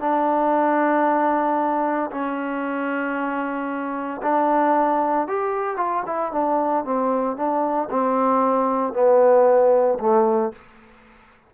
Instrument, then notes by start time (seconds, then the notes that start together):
trombone
0.00 D4
2.11 C#4
4.22 D4
5.28 G4
5.77 F4
6.06 E4
6.32 D4
6.84 C4
7.36 D4
7.90 C4
8.93 B3
10.00 A3